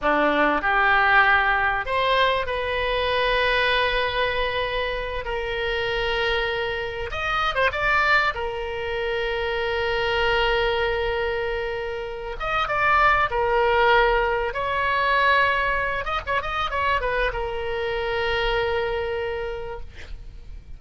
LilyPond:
\new Staff \with { instrumentName = "oboe" } { \time 4/4 \tempo 4 = 97 d'4 g'2 c''4 | b'1~ | b'8 ais'2. dis''8~ | dis''16 c''16 d''4 ais'2~ ais'8~ |
ais'1 | dis''8 d''4 ais'2 cis''8~ | cis''2 dis''16 cis''16 dis''8 cis''8 b'8 | ais'1 | }